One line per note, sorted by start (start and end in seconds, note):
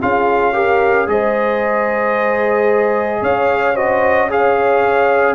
0.00 1.07 C#4
0.00 0.53 F4
0.00 0.54 G#4
0.00 1.09 F5
0.53 1.07 G4
0.53 1.07 A#4
1.07 3.22 G#3
1.07 3.75 G#4
1.07 3.22 C5
1.07 3.23 D#5
3.22 5.35 C#4
3.22 3.74 C#5
3.22 3.76 F5
3.74 4.29 F#4
3.74 4.28 C5
3.74 4.30 D#5
4.29 5.35 G#4
4.29 5.35 C#5
4.29 5.35 F5